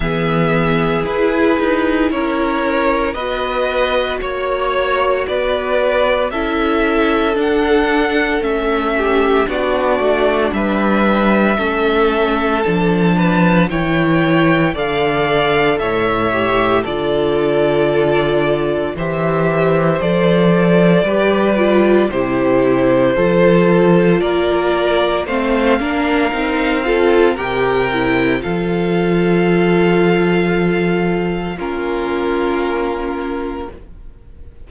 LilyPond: <<
  \new Staff \with { instrumentName = "violin" } { \time 4/4 \tempo 4 = 57 e''4 b'4 cis''4 dis''4 | cis''4 d''4 e''4 fis''4 | e''4 d''4 e''2 | a''4 g''4 f''4 e''4 |
d''2 e''4 d''4~ | d''4 c''2 d''4 | f''2 g''4 f''4~ | f''2 ais'2 | }
  \new Staff \with { instrumentName = "violin" } { \time 4/4 gis'2 ais'4 b'4 | cis''4 b'4 a'2~ | a'8 g'8 fis'4 b'4 a'4~ | a'8 b'8 cis''4 d''4 cis''4 |
a'2 c''2 | b'4 g'4 a'4 ais'4 | c''8 ais'4 a'8 ais'4 a'4~ | a'2 f'2 | }
  \new Staff \with { instrumentName = "viola" } { \time 4/4 b4 e'2 fis'4~ | fis'2 e'4 d'4 | cis'4 d'2 cis'4 | d'4 e'4 a'4. g'8 |
f'2 g'4 a'4 | g'8 f'8 e'4 f'2 | c'8 d'8 dis'8 f'8 g'8 e'8 f'4~ | f'2 cis'2 | }
  \new Staff \with { instrumentName = "cello" } { \time 4/4 e4 e'8 dis'8 cis'4 b4 | ais4 b4 cis'4 d'4 | a4 b8 a8 g4 a4 | f4 e4 d4 a,4 |
d2 e4 f4 | g4 c4 f4 ais4 | a8 ais8 c'4 c4 f4~ | f2 ais2 | }
>>